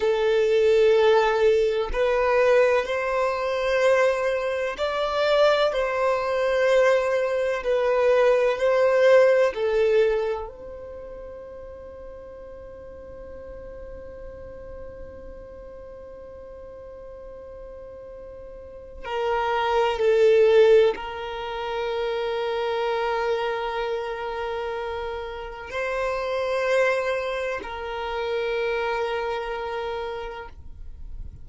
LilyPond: \new Staff \with { instrumentName = "violin" } { \time 4/4 \tempo 4 = 63 a'2 b'4 c''4~ | c''4 d''4 c''2 | b'4 c''4 a'4 c''4~ | c''1~ |
c''1 | ais'4 a'4 ais'2~ | ais'2. c''4~ | c''4 ais'2. | }